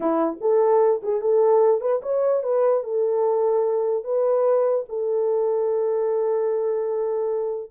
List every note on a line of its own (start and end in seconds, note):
0.00 0.39 E4
0.40 1.01 A4
1.02 1.21 G#4
1.21 1.81 A4
1.81 2.01 B4
2.02 2.43 C#5
2.43 2.83 B4
2.83 4.04 A4
4.04 4.85 B4
4.88 7.70 A4